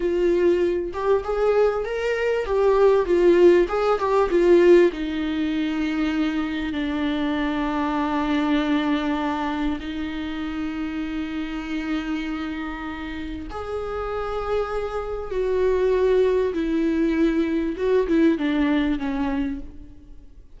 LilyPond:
\new Staff \with { instrumentName = "viola" } { \time 4/4 \tempo 4 = 98 f'4. g'8 gis'4 ais'4 | g'4 f'4 gis'8 g'8 f'4 | dis'2. d'4~ | d'1 |
dis'1~ | dis'2 gis'2~ | gis'4 fis'2 e'4~ | e'4 fis'8 e'8 d'4 cis'4 | }